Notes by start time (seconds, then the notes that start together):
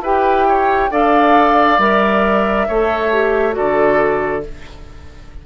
0.00 E4 G4 B4 G5
0.48 C#5
0.90 D4 A4 D5 F5
1.78 G3 A#4 E5
2.67 A3 A4 C#5
3.12 G4
3.51 F#4 A4 D5
3.58 D3